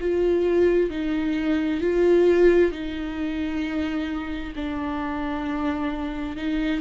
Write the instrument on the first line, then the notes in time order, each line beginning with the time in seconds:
viola
0.00 F4
0.90 D#4
1.81 F4
2.71 D#4
4.55 D4
6.36 D#4